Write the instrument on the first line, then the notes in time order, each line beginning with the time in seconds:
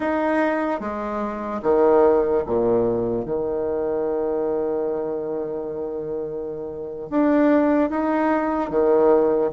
bassoon
0.00 D#4
0.80 G#3
1.62 D#3
2.46 A#2
3.25 D#3
7.10 D4
7.89 D#4
8.69 D#3